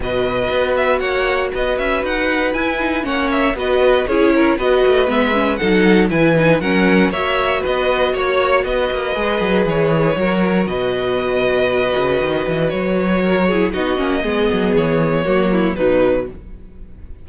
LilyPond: <<
  \new Staff \with { instrumentName = "violin" } { \time 4/4 \tempo 4 = 118 dis''4. e''8 fis''4 dis''8 e''8 | fis''4 gis''4 fis''8 e''8 dis''4 | cis''4 dis''4 e''4 fis''4 | gis''4 fis''4 e''4 dis''4 |
cis''4 dis''2 cis''4~ | cis''4 dis''2.~ | dis''4 cis''2 dis''4~ | dis''4 cis''2 b'4 | }
  \new Staff \with { instrumentName = "violin" } { \time 4/4 b'2 cis''4 b'4~ | b'2 cis''4 b'4 | gis'8 ais'8 b'2 a'4 | b'4 ais'4 cis''4 b'4 |
cis''4 b'2. | ais'4 b'2.~ | b'2 ais'8 gis'8 fis'4 | gis'2 fis'8 e'8 dis'4 | }
  \new Staff \with { instrumentName = "viola" } { \time 4/4 fis'1~ | fis'4 e'8 dis'8 cis'4 fis'4 | e'4 fis'4 b8 cis'8 dis'4 | e'8 dis'8 cis'4 fis'2~ |
fis'2 gis'2 | fis'1~ | fis'2~ fis'8 e'8 dis'8 cis'8 | b2 ais4 fis4 | }
  \new Staff \with { instrumentName = "cello" } { \time 4/4 b,4 b4 ais4 b8 cis'8 | dis'4 e'4 ais4 b4 | cis'4 b8 a8 gis4 fis4 | e4 fis4 ais4 b4 |
ais4 b8 ais8 gis8 fis8 e4 | fis4 b,2~ b,8 cis8 | dis8 e8 fis2 b8 ais8 | gis8 fis8 e4 fis4 b,4 | }
>>